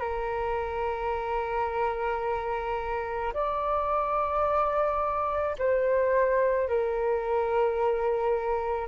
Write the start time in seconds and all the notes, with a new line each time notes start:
0.00 A#4
3.34 D5
5.58 C5
6.68 A#4